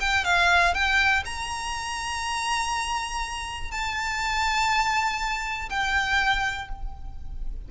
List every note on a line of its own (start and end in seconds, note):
0.00 0.25 G5
0.25 0.74 F5
0.74 1.24 G5
1.25 3.71 A#5
3.71 5.69 A5
5.70 6.69 G5